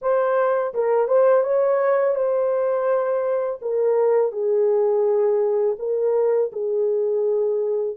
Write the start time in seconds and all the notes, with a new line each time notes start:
0.01 C5
0.74 A#4
1.07 C5
1.43 C#5
2.15 C5
3.61 A#4
4.31 G#4
5.78 A#4
6.52 G#4